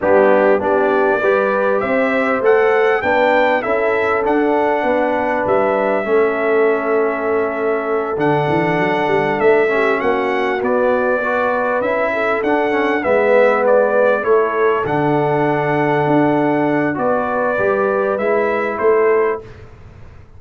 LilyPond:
<<
  \new Staff \with { instrumentName = "trumpet" } { \time 4/4 \tempo 4 = 99 g'4 d''2 e''4 | fis''4 g''4 e''4 fis''4~ | fis''4 e''2.~ | e''4. fis''2 e''8~ |
e''8 fis''4 d''2 e''8~ | e''8 fis''4 e''4 d''4 cis''8~ | cis''8 fis''2.~ fis''8 | d''2 e''4 c''4 | }
  \new Staff \with { instrumentName = "horn" } { \time 4/4 d'4 g'4 b'4 c''4~ | c''4 b'4 a'2 | b'2 a'2~ | a'1 |
g'8 fis'2 b'4. | a'4. b'2 a'8~ | a'1 | b'2. a'4 | }
  \new Staff \with { instrumentName = "trombone" } { \time 4/4 b4 d'4 g'2 | a'4 d'4 e'4 d'4~ | d'2 cis'2~ | cis'4. d'2~ d'8 |
cis'4. b4 fis'4 e'8~ | e'8 d'8 cis'8 b2 e'8~ | e'8 d'2.~ d'8 | fis'4 g'4 e'2 | }
  \new Staff \with { instrumentName = "tuba" } { \time 4/4 g4 b4 g4 c'4 | a4 b4 cis'4 d'4 | b4 g4 a2~ | a4. d8 e8 fis8 g8 a8~ |
a8 ais4 b2 cis'8~ | cis'8 d'4 gis2 a8~ | a8 d2 d'4. | b4 g4 gis4 a4 | }
>>